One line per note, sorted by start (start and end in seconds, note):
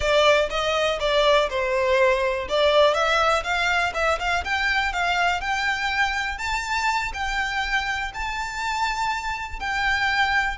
0.00 0.49 D5
0.50 0.99 D#5
1.00 1.49 D5
1.49 2.47 C5
2.48 2.94 D5
2.94 3.43 E5
3.43 3.93 F5
3.94 4.18 E5
4.19 4.44 F5
4.44 4.92 G5
4.92 5.40 F5
5.40 6.38 G5
6.38 7.12 A5
7.13 8.11 G5
8.13 9.59 A5
9.59 10.57 G5